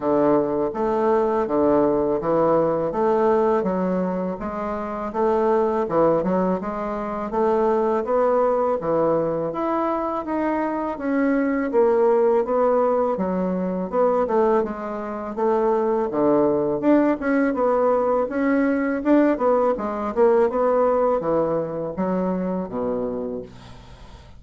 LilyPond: \new Staff \with { instrumentName = "bassoon" } { \time 4/4 \tempo 4 = 82 d4 a4 d4 e4 | a4 fis4 gis4 a4 | e8 fis8 gis4 a4 b4 | e4 e'4 dis'4 cis'4 |
ais4 b4 fis4 b8 a8 | gis4 a4 d4 d'8 cis'8 | b4 cis'4 d'8 b8 gis8 ais8 | b4 e4 fis4 b,4 | }